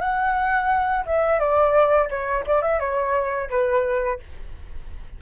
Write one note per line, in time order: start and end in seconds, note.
0.00 1.05 F#5
1.06 1.39 E5
1.39 2.09 D5
2.09 2.44 C#5
2.46 2.62 D5
2.62 2.79 E5
2.79 3.49 C#5
3.50 4.20 B4